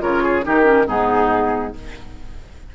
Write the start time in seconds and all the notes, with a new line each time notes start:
0.00 C#3 F4 A#4 C#5
0.23 G#4
0.43 D#3 D#4 G4 A#4
0.64 C#4
0.87 G#2 B3 D#4 G#4